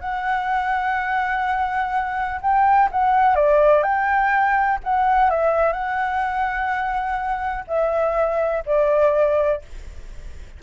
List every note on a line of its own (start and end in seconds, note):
0.00 2.40 F#5
2.41 2.89 G5
2.91 3.35 F#5
3.35 3.83 D5
3.83 4.79 G5
4.83 5.30 F#5
5.30 5.72 E5
5.72 7.64 F#5
7.67 8.63 E5
8.66 9.62 D5